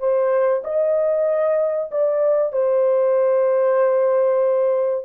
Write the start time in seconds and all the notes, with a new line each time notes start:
0.00 C5
0.64 D#5
1.91 D5
2.53 C5